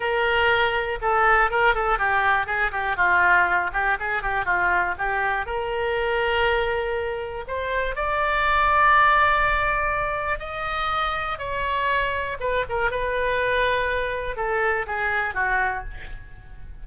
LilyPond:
\new Staff \with { instrumentName = "oboe" } { \time 4/4 \tempo 4 = 121 ais'2 a'4 ais'8 a'8 | g'4 gis'8 g'8 f'4. g'8 | gis'8 g'8 f'4 g'4 ais'4~ | ais'2. c''4 |
d''1~ | d''4 dis''2 cis''4~ | cis''4 b'8 ais'8 b'2~ | b'4 a'4 gis'4 fis'4 | }